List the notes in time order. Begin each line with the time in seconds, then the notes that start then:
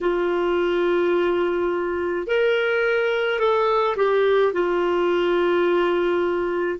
0.00 F4
2.26 A#4
3.39 A4
3.96 G4
4.52 F4